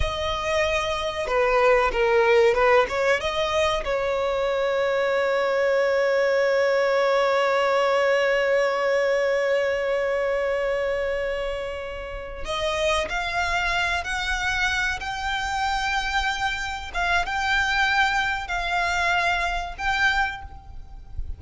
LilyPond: \new Staff \with { instrumentName = "violin" } { \time 4/4 \tempo 4 = 94 dis''2 b'4 ais'4 | b'8 cis''8 dis''4 cis''2~ | cis''1~ | cis''1~ |
cis''2.~ cis''8 dis''8~ | dis''8 f''4. fis''4. g''8~ | g''2~ g''8 f''8 g''4~ | g''4 f''2 g''4 | }